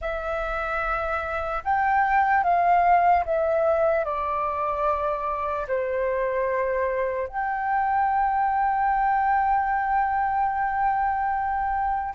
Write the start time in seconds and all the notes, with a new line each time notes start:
0.01 E5
1.64 G5
2.43 F5
3.25 E5
4.04 D5
5.67 C5
7.28 G5